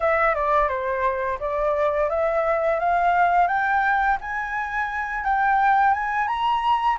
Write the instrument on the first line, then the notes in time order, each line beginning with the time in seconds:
flute
0.00 E5
0.35 D5
0.68 C5
1.39 D5
2.09 E5
2.79 F5
3.47 G5
4.21 G#5
5.24 G5
5.93 G#5
6.27 A#5